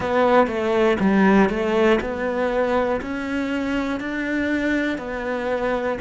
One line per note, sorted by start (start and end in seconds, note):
0.00 0.47 B3
0.47 0.97 A3
1.00 1.50 G3
1.50 2.00 A3
2.00 3.00 B3
3.00 4.00 C#4
4.00 4.98 D4
4.98 5.98 B3